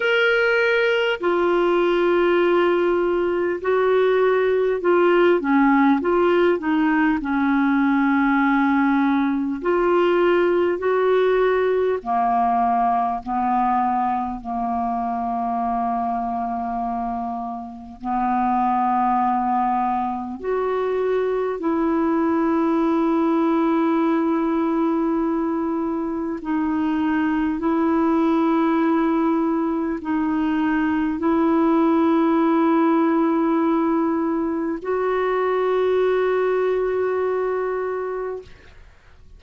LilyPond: \new Staff \with { instrumentName = "clarinet" } { \time 4/4 \tempo 4 = 50 ais'4 f'2 fis'4 | f'8 cis'8 f'8 dis'8 cis'2 | f'4 fis'4 ais4 b4 | ais2. b4~ |
b4 fis'4 e'2~ | e'2 dis'4 e'4~ | e'4 dis'4 e'2~ | e'4 fis'2. | }